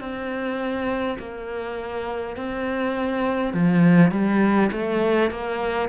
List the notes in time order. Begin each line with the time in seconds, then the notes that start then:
0.00 C4
1.19 A#3
2.37 C4
3.54 F3
4.12 G3
4.72 A3
5.31 A#3